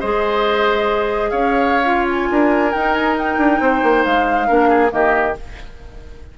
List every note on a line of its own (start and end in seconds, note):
0.00 1.32 G#3
0.00 1.85 G#4
0.00 1.30 C5
0.00 1.31 D#5
1.31 2.30 C#4
1.31 2.29 C#5
1.31 2.07 F5
1.85 2.72 F4
2.11 2.73 G#5
2.31 2.74 D4
2.31 3.62 A#4
2.73 3.38 D#4
2.73 4.48 D#4
2.73 2.94 G5
2.94 3.15 G#5
3.19 4.05 G5
3.38 3.59 D4
3.60 3.82 C4
3.60 4.48 C5
3.83 4.05 A#3
4.05 4.50 G#3
4.05 4.92 F5
4.48 4.93 A#3
4.48 4.89 D4
4.48 4.69 A#4
4.69 4.91 G#4
4.89 5.37 D#3
4.89 5.32 A#3
4.89 5.38 G4
4.89 5.36 D#5